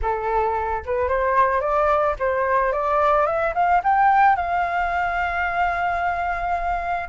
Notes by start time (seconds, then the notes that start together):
0.01 A4
0.85 B4
1.08 C5
1.60 D5
2.19 C5
2.72 D5
3.26 E5
3.54 F5
3.83 G5
4.36 F5